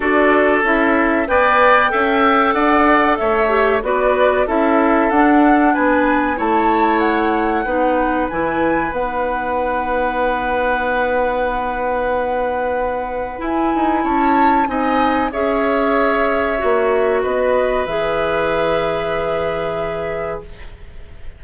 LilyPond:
<<
  \new Staff \with { instrumentName = "flute" } { \time 4/4 \tempo 4 = 94 d''4 e''4 g''2 | fis''4 e''4 d''4 e''4 | fis''4 gis''4 a''4 fis''4~ | fis''4 gis''4 fis''2~ |
fis''1~ | fis''4 gis''4 a''4 gis''4 | e''2. dis''4 | e''1 | }
  \new Staff \with { instrumentName = "oboe" } { \time 4/4 a'2 d''4 e''4 | d''4 cis''4 b'4 a'4~ | a'4 b'4 cis''2 | b'1~ |
b'1~ | b'2 cis''4 dis''4 | cis''2. b'4~ | b'1 | }
  \new Staff \with { instrumentName = "clarinet" } { \time 4/4 fis'4 e'4 b'4 a'4~ | a'4. g'8 fis'4 e'4 | d'2 e'2 | dis'4 e'4 dis'2~ |
dis'1~ | dis'4 e'2 dis'4 | gis'2 fis'2 | gis'1 | }
  \new Staff \with { instrumentName = "bassoon" } { \time 4/4 d'4 cis'4 b4 cis'4 | d'4 a4 b4 cis'4 | d'4 b4 a2 | b4 e4 b2~ |
b1~ | b4 e'8 dis'8 cis'4 c'4 | cis'2 ais4 b4 | e1 | }
>>